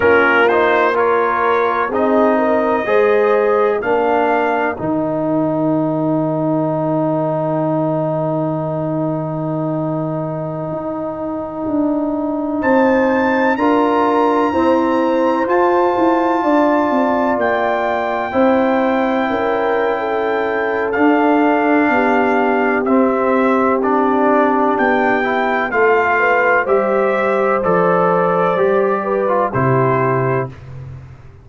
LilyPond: <<
  \new Staff \with { instrumentName = "trumpet" } { \time 4/4 \tempo 4 = 63 ais'8 c''8 cis''4 dis''2 | f''4 g''2.~ | g''1~ | g''4~ g''16 a''4 ais''4.~ ais''16~ |
ais''16 a''2 g''4.~ g''16~ | g''2 f''2 | e''4 d''4 g''4 f''4 | e''4 d''2 c''4 | }
  \new Staff \with { instrumentName = "horn" } { \time 4/4 f'4 ais'4 gis'8 ais'8 c''4 | ais'1~ | ais'1~ | ais'4~ ais'16 c''4 ais'4 c''8.~ |
c''4~ c''16 d''2 c''8.~ | c''16 ais'8. a'2 g'4~ | g'2. a'8 b'8 | c''2~ c''8 b'8 g'4 | }
  \new Staff \with { instrumentName = "trombone" } { \time 4/4 cis'8 dis'8 f'4 dis'4 gis'4 | d'4 dis'2.~ | dis'1~ | dis'2~ dis'16 f'4 c'8.~ |
c'16 f'2. e'8.~ | e'2 d'2 | c'4 d'4. e'8 f'4 | g'4 a'4 g'8. f'16 e'4 | }
  \new Staff \with { instrumentName = "tuba" } { \time 4/4 ais2 c'4 gis4 | ais4 dis2.~ | dis2.~ dis16 dis'8.~ | dis'16 d'4 c'4 d'4 e'8.~ |
e'16 f'8 e'8 d'8 c'8 ais4 c'8.~ | c'16 cis'4.~ cis'16 d'4 b4 | c'2 b4 a4 | g4 f4 g4 c4 | }
>>